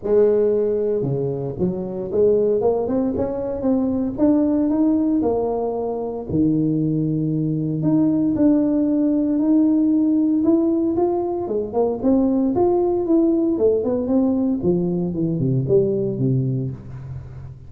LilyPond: \new Staff \with { instrumentName = "tuba" } { \time 4/4 \tempo 4 = 115 gis2 cis4 fis4 | gis4 ais8 c'8 cis'4 c'4 | d'4 dis'4 ais2 | dis2. dis'4 |
d'2 dis'2 | e'4 f'4 gis8 ais8 c'4 | f'4 e'4 a8 b8 c'4 | f4 e8 c8 g4 c4 | }